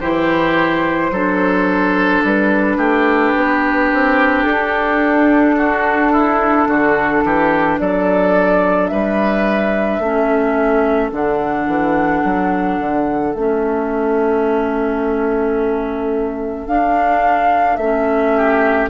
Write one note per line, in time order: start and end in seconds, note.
0.00 1.11 E3
0.00 1.13 E4
0.00 1.11 G4
0.00 2.22 C5
1.11 2.22 F#3
1.11 10.02 D4
1.11 2.78 A4
2.23 2.77 G3
2.23 4.44 B4
2.77 3.32 A3
2.77 5.55 G4
3.36 3.92 B3
3.93 4.45 C4
4.44 6.67 D4
4.44 7.77 A4
5.57 6.12 F#4
6.12 6.68 E4
6.67 7.23 D3
6.67 7.24 F#4
7.24 7.80 E3
7.24 7.80 G4
7.79 8.91 F#3
7.79 8.91 A4
7.79 8.87 D5
8.87 9.99 G3
8.87 10.02 B4
8.87 11.10 E5
9.99 11.10 A3
9.99 11.12 C#4
9.99 18.35 A4
11.12 11.67 D3
11.12 13.34 D4
11.12 13.34 F#5
11.67 12.22 E3
12.24 12.79 F#3
12.79 13.34 D3
13.34 16.67 A3
13.34 16.68 C#4
13.34 16.67 E5
16.67 17.78 D4
16.67 17.79 D4
16.67 17.76 F5
17.76 18.89 A3
17.76 18.90 C#4
17.76 18.87 E5
18.36 18.90 G4